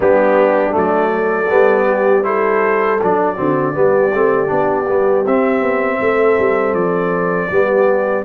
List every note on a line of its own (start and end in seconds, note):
0.00 0.74 G3
0.00 0.70 B3
0.00 1.12 D4
0.00 0.76 G4
0.70 1.50 F#3
0.70 1.45 A3
0.77 2.24 D5
1.13 1.85 A4
1.50 3.00 G3
1.50 2.23 B3
1.85 2.23 G4
2.23 2.98 E4
2.23 3.35 A4
2.23 2.99 C5
3.02 3.39 F#3
3.02 3.36 D4
3.02 5.26 D5
3.35 3.75 D3
3.35 3.73 C4
3.35 3.73 F#4
3.73 4.12 G3
3.73 4.11 B3
3.73 6.00 G4
4.12 4.50 A3
4.12 4.47 C4
4.47 4.88 B3
4.47 4.84 D4
4.87 5.25 G3
4.87 5.24 B3
5.25 5.60 C4
5.25 7.51 C4
5.25 6.74 E5
5.60 5.98 B3
6.00 6.38 A3
6.00 7.50 A4
6.39 6.73 G3
6.73 7.48 F3
6.73 8.24 D5
7.50 8.24 G3
7.50 8.24 B3
7.50 8.24 G4